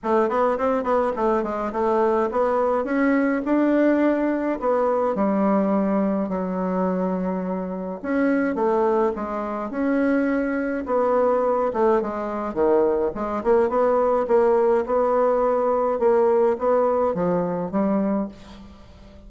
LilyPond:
\new Staff \with { instrumentName = "bassoon" } { \time 4/4 \tempo 4 = 105 a8 b8 c'8 b8 a8 gis8 a4 | b4 cis'4 d'2 | b4 g2 fis4~ | fis2 cis'4 a4 |
gis4 cis'2 b4~ | b8 a8 gis4 dis4 gis8 ais8 | b4 ais4 b2 | ais4 b4 f4 g4 | }